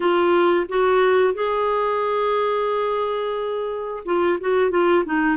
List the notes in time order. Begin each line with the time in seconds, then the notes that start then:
0.00 F4
0.69 F#4
1.34 G#4
4.05 F4
4.40 F#4
4.70 F4
5.05 D#4